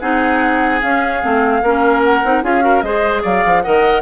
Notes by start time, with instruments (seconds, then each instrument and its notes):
0.00 bassoon C4, clarinet D#4, oboe G#4, flute F#5
0.82 clarinet C#4, bassoon C#4, flute F5
1.22 bassoon A3, clarinet C4
1.62 bassoon A#3, clarinet C#4, oboe A#4
2.04 flute F#5
2.24 bassoon C4, clarinet D#4
2.43 bassoon C#4, clarinet F4, oboe G#4, flute F5
2.61 clarinet F#4, oboe A#4
2.82 bassoon G#3, clarinet G#4, oboe C5, flute D#5
3.23 bassoon F#3, oboe D5, flute F5
3.46 bassoon F3
3.62 bassoon D#3, clarinet A#4, oboe D#5, flute F#5